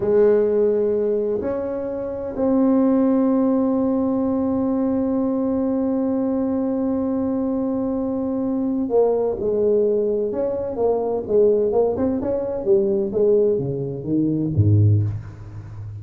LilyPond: \new Staff \with { instrumentName = "tuba" } { \time 4/4 \tempo 4 = 128 gis2. cis'4~ | cis'4 c'2.~ | c'1~ | c'1~ |
c'2. ais4 | gis2 cis'4 ais4 | gis4 ais8 c'8 cis'4 g4 | gis4 cis4 dis4 gis,4 | }